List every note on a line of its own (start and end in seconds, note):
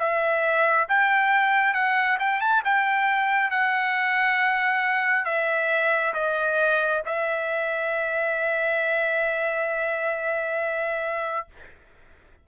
0.00 0.88 E5
0.89 1.74 G5
1.74 2.18 F#5
2.20 2.41 G5
2.41 2.63 A5
2.65 3.51 G5
3.51 5.25 F#5
5.25 6.14 E5
6.14 7.03 D#5
7.07 11.48 E5